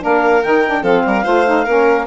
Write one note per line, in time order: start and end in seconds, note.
0.00 0.43 A#3
0.00 0.41 D4
0.00 0.82 A#4
0.00 0.42 F5
0.42 0.82 D#3
0.42 0.65 D#4
0.42 0.83 G5
0.66 0.83 D4
0.82 1.02 F3
0.82 1.24 C4
0.82 1.02 A4
0.82 2.07 F5
1.05 1.25 G3
1.05 1.23 A#4
1.23 1.66 A3
1.23 1.44 F4
1.23 1.64 C5
1.45 1.66 D#4
1.64 2.07 A#3
1.64 2.07 C#4
1.64 2.05 A#4